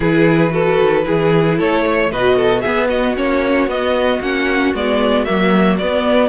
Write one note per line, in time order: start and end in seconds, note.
0.00 0.78 E3
0.00 0.50 E4
0.00 0.52 G#4
0.00 1.58 B4
0.50 1.03 F#4
0.50 1.05 A4
0.80 1.07 D#3
1.03 1.59 E3
1.03 2.09 E4
1.03 1.58 G#4
1.58 2.11 A3
1.58 1.84 A4
1.58 2.11 C#5
1.86 2.11 C#5
2.11 2.64 B2
2.11 2.64 F#4
2.11 2.35 B4
2.11 2.61 D#5
2.35 2.61 A4
2.61 3.15 B3
2.61 3.17 B3
2.61 2.88 G#4
2.61 2.87 E5
2.89 6.29 F#4
2.89 3.15 D#5
3.15 3.66 A#3
3.15 3.68 C#4
3.15 3.69 C#5
3.66 4.19 B3
3.66 4.21 B3
3.66 4.21 D#5
4.20 4.73 A#3
4.20 4.74 C#4
4.20 4.74 F#5
4.73 5.26 G#3
4.73 5.26 B3
4.73 5.24 D5
5.24 5.79 F#3
5.24 5.79 A#3
5.24 5.77 E5
5.77 6.29 B3
5.77 6.29 D5